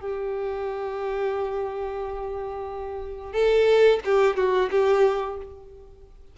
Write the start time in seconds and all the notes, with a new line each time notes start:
0.00 G4
3.33 A4
4.05 G4
4.36 F#4
4.71 G4